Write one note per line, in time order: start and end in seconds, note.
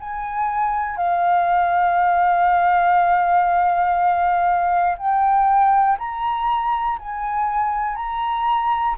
0.00 0.97 G#5
0.97 4.97 F5
4.98 5.98 G5
5.98 6.98 A#5
6.98 7.95 G#5
7.95 8.95 A#5